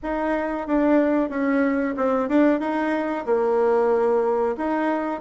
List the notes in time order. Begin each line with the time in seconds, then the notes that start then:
0.03 D#4
0.67 D4
1.29 C#4
1.96 C4
2.28 D4
2.59 D#4
3.25 A#3
4.57 D#4